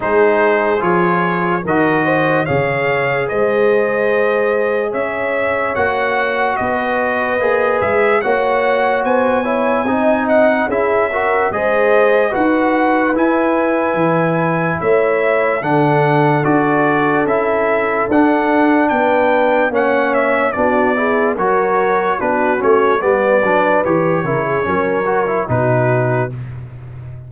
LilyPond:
<<
  \new Staff \with { instrumentName = "trumpet" } { \time 4/4 \tempo 4 = 73 c''4 cis''4 dis''4 f''4 | dis''2 e''4 fis''4 | dis''4. e''8 fis''4 gis''4~ | gis''8 fis''8 e''4 dis''4 fis''4 |
gis''2 e''4 fis''4 | d''4 e''4 fis''4 g''4 | fis''8 e''8 d''4 cis''4 b'8 cis''8 | d''4 cis''2 b'4 | }
  \new Staff \with { instrumentName = "horn" } { \time 4/4 gis'2 ais'8 c''8 cis''4 | c''2 cis''2 | b'2 cis''4 c''8 cis''8 | dis''4 gis'8 ais'8 c''4 b'4~ |
b'2 cis''4 a'4~ | a'2. b'4 | cis''4 fis'8 gis'8 ais'4 fis'4 | b'4. ais'16 gis'16 ais'4 fis'4 | }
  \new Staff \with { instrumentName = "trombone" } { \time 4/4 dis'4 f'4 fis'4 gis'4~ | gis'2. fis'4~ | fis'4 gis'4 fis'4. e'8 | dis'4 e'8 fis'8 gis'4 fis'4 |
e'2. d'4 | fis'4 e'4 d'2 | cis'4 d'8 e'8 fis'4 d'8 cis'8 | b8 d'8 g'8 e'8 cis'8 fis'16 e'16 dis'4 | }
  \new Staff \with { instrumentName = "tuba" } { \time 4/4 gis4 f4 dis4 cis4 | gis2 cis'4 ais4 | b4 ais8 gis8 ais4 b4 | c'4 cis'4 gis4 dis'4 |
e'4 e4 a4 d4 | d'4 cis'4 d'4 b4 | ais4 b4 fis4 b8 a8 | g8 fis8 e8 cis8 fis4 b,4 | }
>>